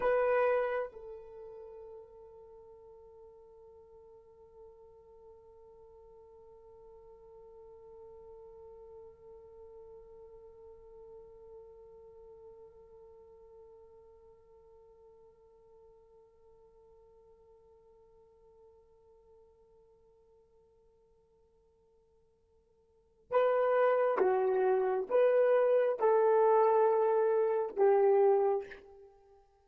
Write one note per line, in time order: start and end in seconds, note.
0.00 0.90 B4
0.92 23.30 A4
23.30 24.18 B4
24.18 25.07 F#4
25.09 25.99 B4
25.99 27.76 A4
27.76 28.66 G4